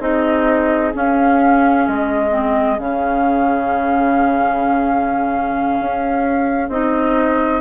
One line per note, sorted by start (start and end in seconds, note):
0.00 0.92 C4
0.00 0.93 D#4
0.00 7.61 G#4
0.00 0.93 D#5
0.94 2.31 C#4
0.94 1.88 C#4
0.94 1.87 F5
1.87 2.79 G#3
1.87 2.79 D#5
2.31 2.77 C4
2.79 5.79 C#3
2.79 6.71 C#4
2.79 6.71 F5
5.80 6.69 C#4
6.69 7.61 C4
6.69 7.61 D#4
6.69 7.61 D#5